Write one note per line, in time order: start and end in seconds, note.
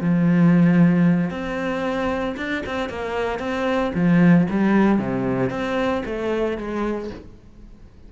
0.00 1.30 F3
1.30 2.35 C4
2.37 2.63 D4
2.66 2.89 C4
2.89 3.39 A#3
3.39 3.92 C4
3.94 4.47 F3
4.50 4.98 G3
4.98 5.50 C3
5.50 6.02 C4
6.05 6.57 A3
6.57 7.10 G#3